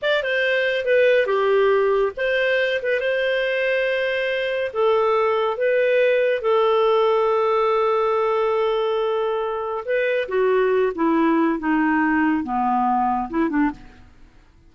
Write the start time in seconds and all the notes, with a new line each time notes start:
0.02 D5
0.23 C5
0.85 B4
1.26 G4
2.16 C5
2.82 B4
3.00 C5
4.73 A4
5.57 B4
6.41 A4
9.85 B4
10.28 F#4
10.95 E4
11.59 D#4
12.43 B3
13.30 E4
13.49 D4